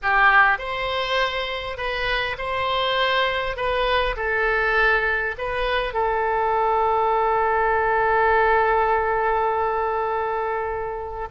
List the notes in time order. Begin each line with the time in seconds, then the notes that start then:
0.02 G4
0.58 C5
1.77 B4
2.38 C5
3.56 B4
4.16 A4
5.38 B4
5.93 A4